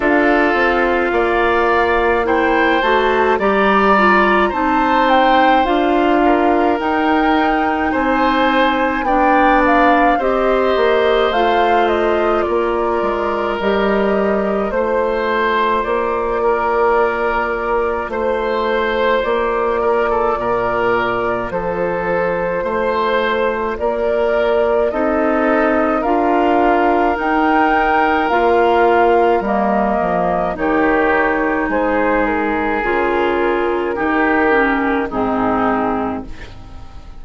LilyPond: <<
  \new Staff \with { instrumentName = "flute" } { \time 4/4 \tempo 4 = 53 f''2 g''8 a''8 ais''4 | a''8 g''8 f''4 g''4 gis''4 | g''8 f''8 dis''4 f''8 dis''8 d''4 | dis''4 c''4 d''2 |
c''4 d''2 c''4~ | c''4 d''4 dis''4 f''4 | g''4 f''4 dis''4 cis''4 | c''8 ais'2~ ais'8 gis'4 | }
  \new Staff \with { instrumentName = "oboe" } { \time 4/4 a'4 d''4 c''4 d''4 | c''4. ais'4. c''4 | d''4 c''2 ais'4~ | ais'4 c''4. ais'4. |
c''4. ais'16 a'16 ais'4 a'4 | c''4 ais'4 a'4 ais'4~ | ais'2. g'4 | gis'2 g'4 dis'4 | }
  \new Staff \with { instrumentName = "clarinet" } { \time 4/4 f'2 e'8 fis'8 g'8 f'8 | dis'4 f'4 dis'2 | d'4 g'4 f'2 | g'4 f'2.~ |
f'1~ | f'2 dis'4 f'4 | dis'4 f'4 ais4 dis'4~ | dis'4 f'4 dis'8 cis'8 c'4 | }
  \new Staff \with { instrumentName = "bassoon" } { \time 4/4 d'8 c'8 ais4. a8 g4 | c'4 d'4 dis'4 c'4 | b4 c'8 ais8 a4 ais8 gis8 | g4 a4 ais2 |
a4 ais4 ais,4 f4 | a4 ais4 c'4 d'4 | dis'4 ais4 g8 f8 dis4 | gis4 cis4 dis4 gis,4 | }
>>